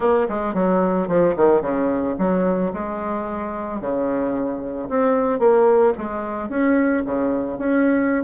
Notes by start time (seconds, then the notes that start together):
0.00 A#3
0.28 G#3
0.54 F#3
1.07 F3
1.36 D#3
1.61 C#3
2.18 F#3
2.73 G#3
3.80 C#3
4.89 C4
5.39 A#3
5.97 G#3
6.49 C#4
7.05 C#3
7.58 C#4